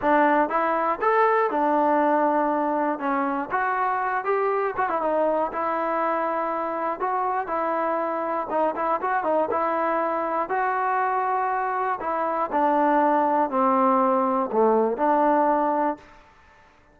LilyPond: \new Staff \with { instrumentName = "trombone" } { \time 4/4 \tempo 4 = 120 d'4 e'4 a'4 d'4~ | d'2 cis'4 fis'4~ | fis'8 g'4 fis'16 e'16 dis'4 e'4~ | e'2 fis'4 e'4~ |
e'4 dis'8 e'8 fis'8 dis'8 e'4~ | e'4 fis'2. | e'4 d'2 c'4~ | c'4 a4 d'2 | }